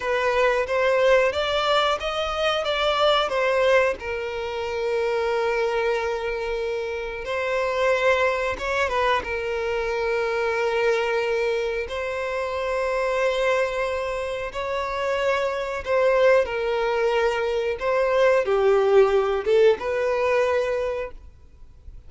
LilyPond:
\new Staff \with { instrumentName = "violin" } { \time 4/4 \tempo 4 = 91 b'4 c''4 d''4 dis''4 | d''4 c''4 ais'2~ | ais'2. c''4~ | c''4 cis''8 b'8 ais'2~ |
ais'2 c''2~ | c''2 cis''2 | c''4 ais'2 c''4 | g'4. a'8 b'2 | }